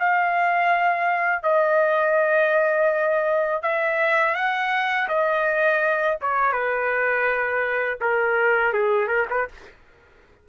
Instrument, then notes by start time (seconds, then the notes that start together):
trumpet
0.00 F5
1.43 D#5
3.63 E5
4.35 F#5
5.09 D#5
6.22 C#5
6.53 B4
8.01 A#4
8.73 G#4
9.08 A#4
9.30 B4